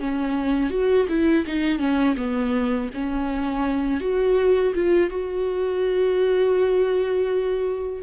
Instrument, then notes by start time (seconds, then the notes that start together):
viola
0.00 C#4
0.71 F#4
1.09 E4
1.47 D#4
1.79 C#4
2.18 B3
2.94 C#4
4.01 F#4
4.75 F4
5.11 F#4